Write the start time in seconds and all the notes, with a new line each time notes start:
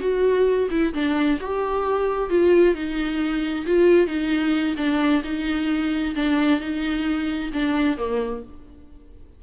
0.00 F#4
0.70 E4
0.94 D4
1.40 G4
2.30 F4
2.74 D#4
3.66 F4
4.07 D#4
4.77 D4
5.24 D#4
6.15 D4
6.60 D#4
7.53 D4
7.97 A#3